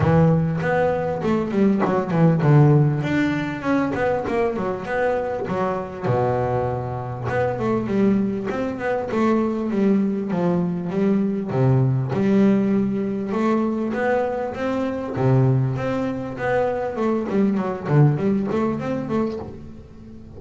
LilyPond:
\new Staff \with { instrumentName = "double bass" } { \time 4/4 \tempo 4 = 99 e4 b4 a8 g8 fis8 e8 | d4 d'4 cis'8 b8 ais8 fis8 | b4 fis4 b,2 | b8 a8 g4 c'8 b8 a4 |
g4 f4 g4 c4 | g2 a4 b4 | c'4 c4 c'4 b4 | a8 g8 fis8 d8 g8 a8 c'8 a8 | }